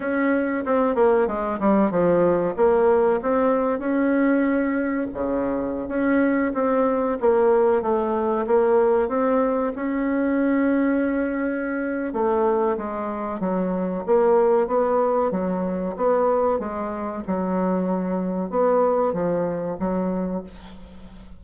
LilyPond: \new Staff \with { instrumentName = "bassoon" } { \time 4/4 \tempo 4 = 94 cis'4 c'8 ais8 gis8 g8 f4 | ais4 c'4 cis'2 | cis4~ cis16 cis'4 c'4 ais8.~ | ais16 a4 ais4 c'4 cis'8.~ |
cis'2. a4 | gis4 fis4 ais4 b4 | fis4 b4 gis4 fis4~ | fis4 b4 f4 fis4 | }